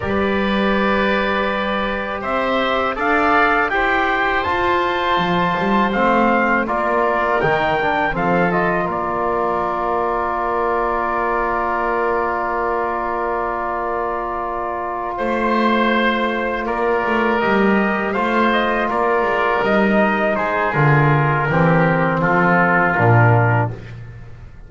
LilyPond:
<<
  \new Staff \with { instrumentName = "trumpet" } { \time 4/4 \tempo 4 = 81 d''2. e''4 | f''4 g''4 a''2 | f''4 d''4 g''4 f''8 dis''8 | d''1~ |
d''1~ | d''8 c''2 d''4 dis''8~ | dis''8 f''8 dis''8 d''4 dis''4 c''8 | ais'2 a'4 ais'4 | }
  \new Staff \with { instrumentName = "oboe" } { \time 4/4 b'2. c''4 | d''4 c''2.~ | c''4 ais'2 a'4 | ais'1~ |
ais'1~ | ais'8 c''2 ais'4.~ | ais'8 c''4 ais'2 gis'8~ | gis'4 g'4 f'2 | }
  \new Staff \with { instrumentName = "trombone" } { \time 4/4 g'1 | a'4 g'4 f'2 | c'4 f'4 dis'8 d'8 c'8 f'8~ | f'1~ |
f'1~ | f'2.~ f'8 g'8~ | g'8 f'2 dis'4. | f'4 c'2 d'4 | }
  \new Staff \with { instrumentName = "double bass" } { \time 4/4 g2. c'4 | d'4 e'4 f'4 f8 g8 | a4 ais4 dis4 f4 | ais1~ |
ais1~ | ais8 a2 ais8 a8 g8~ | g8 a4 ais8 gis8 g4 gis8 | d4 e4 f4 ais,4 | }
>>